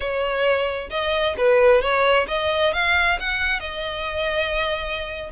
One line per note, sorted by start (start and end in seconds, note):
0.00 0.89 C#5
0.90 1.35 D#5
1.37 1.81 B4
1.81 2.26 C#5
2.28 2.73 D#5
2.73 3.18 F5
3.19 3.60 F#5
3.60 5.30 D#5